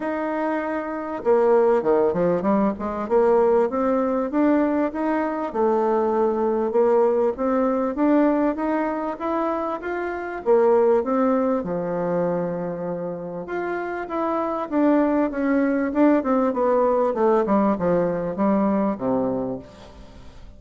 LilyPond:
\new Staff \with { instrumentName = "bassoon" } { \time 4/4 \tempo 4 = 98 dis'2 ais4 dis8 f8 | g8 gis8 ais4 c'4 d'4 | dis'4 a2 ais4 | c'4 d'4 dis'4 e'4 |
f'4 ais4 c'4 f4~ | f2 f'4 e'4 | d'4 cis'4 d'8 c'8 b4 | a8 g8 f4 g4 c4 | }